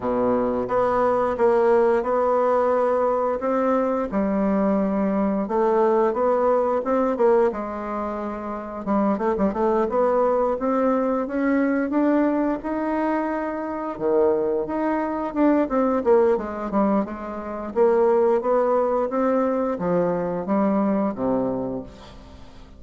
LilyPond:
\new Staff \with { instrumentName = "bassoon" } { \time 4/4 \tempo 4 = 88 b,4 b4 ais4 b4~ | b4 c'4 g2 | a4 b4 c'8 ais8 gis4~ | gis4 g8 a16 g16 a8 b4 c'8~ |
c'8 cis'4 d'4 dis'4.~ | dis'8 dis4 dis'4 d'8 c'8 ais8 | gis8 g8 gis4 ais4 b4 | c'4 f4 g4 c4 | }